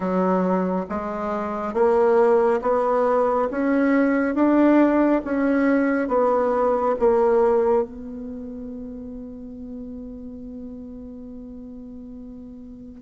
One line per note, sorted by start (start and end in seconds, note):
0.00 0.86 F#3
0.89 1.73 G#3
1.73 2.60 A#3
2.61 3.48 B3
3.51 4.34 C#4
4.34 5.21 D4
5.24 6.08 C#4
6.08 6.95 B3
6.99 7.83 A#3
7.83 13.01 B3